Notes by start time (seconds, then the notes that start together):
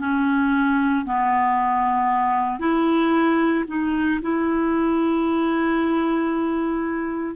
0.00 C#4
1.06 B3
2.60 E4
3.68 D#4
4.22 E4